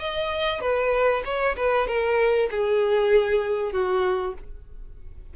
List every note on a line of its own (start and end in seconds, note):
0.00 0.61 D#5
0.61 1.23 B4
1.25 1.56 C#5
1.57 1.88 B4
1.88 2.50 A#4
2.51 3.73 G#4
3.73 4.34 F#4